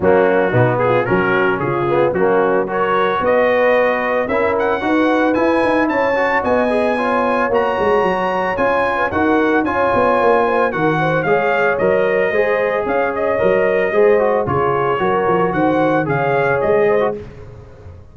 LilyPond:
<<
  \new Staff \with { instrumentName = "trumpet" } { \time 4/4 \tempo 4 = 112 fis'4. gis'8 ais'4 gis'4 | fis'4 cis''4 dis''2 | e''8 fis''4. gis''4 a''4 | gis''2 ais''2 |
gis''4 fis''4 gis''2 | fis''4 f''4 dis''2 | f''8 dis''2~ dis''8 cis''4~ | cis''4 fis''4 f''4 dis''4 | }
  \new Staff \with { instrumentName = "horn" } { \time 4/4 cis'4 dis'8 f'8 fis'4 f'4 | cis'4 ais'4 b'2 | ais'4 b'2 cis''4 | dis''4 cis''2.~ |
cis''8. b'16 ais'4 cis''4. c''8 | ais'8 c''8 cis''2 c''4 | cis''2 c''4 gis'4 | ais'4 c''4 cis''4. c''8 | }
  \new Staff \with { instrumentName = "trombone" } { \time 4/4 ais4 b4 cis'4. b8 | ais4 fis'2. | e'4 fis'4 e'4. fis'8~ | fis'8 gis'8 f'4 fis'2 |
f'4 fis'4 f'2 | fis'4 gis'4 ais'4 gis'4~ | gis'4 ais'4 gis'8 fis'8 f'4 | fis'2 gis'4.~ gis'16 fis'16 | }
  \new Staff \with { instrumentName = "tuba" } { \time 4/4 fis4 b,4 fis4 cis4 | fis2 b2 | cis'4 dis'4 e'8 dis'8 cis'4 | b2 ais8 gis8 fis4 |
cis'4 dis'4 cis'8 b8 ais4 | dis4 gis4 fis4 gis4 | cis'4 fis4 gis4 cis4 | fis8 f8 dis4 cis4 gis4 | }
>>